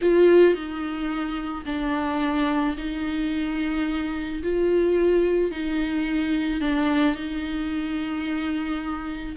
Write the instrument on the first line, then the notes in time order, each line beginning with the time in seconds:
viola
0.02 F4
0.54 D#4
1.65 D4
2.77 D#4
4.42 F4
5.51 D#4
6.60 D4
7.15 D#4